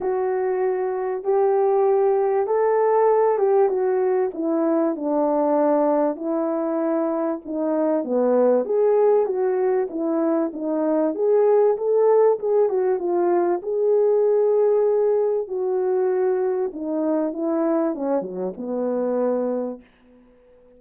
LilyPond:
\new Staff \with { instrumentName = "horn" } { \time 4/4 \tempo 4 = 97 fis'2 g'2 | a'4. g'8 fis'4 e'4 | d'2 e'2 | dis'4 b4 gis'4 fis'4 |
e'4 dis'4 gis'4 a'4 | gis'8 fis'8 f'4 gis'2~ | gis'4 fis'2 dis'4 | e'4 cis'8 fis8 b2 | }